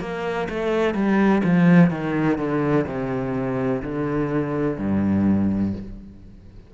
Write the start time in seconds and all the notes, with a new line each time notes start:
0.00 A#3
0.49 A3
0.94 G3
1.44 F3
1.90 D#3
2.38 D3
2.87 C3
3.82 D3
4.77 G2